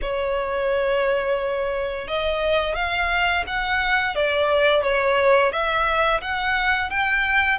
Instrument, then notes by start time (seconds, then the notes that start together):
violin
0.01 C#5
2.07 D#5
2.75 F5
3.46 F#5
4.15 D5
4.82 C#5
5.52 E5
6.21 F#5
6.90 G5